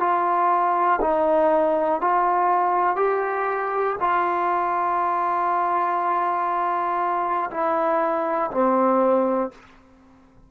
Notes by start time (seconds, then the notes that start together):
0.00 F4
1.01 D#4
2.01 F4
2.96 G4
4.00 F4
7.51 E4
8.51 C4